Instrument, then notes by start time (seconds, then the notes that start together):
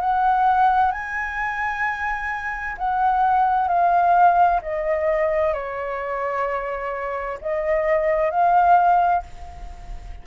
flute
0.00 F#5
0.91 G#5
2.77 F#5
3.68 F5
4.62 D#5
5.53 C#5
7.41 D#5
8.30 F5